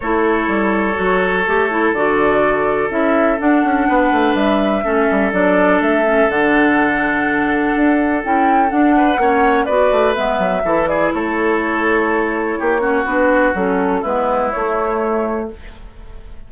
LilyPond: <<
  \new Staff \with { instrumentName = "flute" } { \time 4/4 \tempo 4 = 124 cis''1 | d''2 e''4 fis''4~ | fis''4 e''2 d''4 | e''4 fis''2.~ |
fis''4 g''4 fis''2 | d''4 e''4. d''8 cis''4~ | cis''2. b'4 | a'4 b'4 cis''2 | }
  \new Staff \with { instrumentName = "oboe" } { \time 4/4 a'1~ | a'1 | b'2 a'2~ | a'1~ |
a'2~ a'8 b'8 cis''4 | b'2 a'8 gis'8 a'4~ | a'2 g'8 fis'4.~ | fis'4 e'2. | }
  \new Staff \with { instrumentName = "clarinet" } { \time 4/4 e'2 fis'4 g'8 e'8 | fis'2 e'4 d'4~ | d'2 cis'4 d'4~ | d'8 cis'8 d'2.~ |
d'4 e'4 d'4 cis'4 | fis'4 b4 e'2~ | e'2~ e'8 cis'8 d'4 | cis'4 b4 a2 | }
  \new Staff \with { instrumentName = "bassoon" } { \time 4/4 a4 g4 fis4 a4 | d2 cis'4 d'8 cis'8 | b8 a8 g4 a8 g8 fis4 | a4 d2. |
d'4 cis'4 d'4 ais4 | b8 a8 gis8 fis8 e4 a4~ | a2 ais4 b4 | fis4 gis4 a2 | }
>>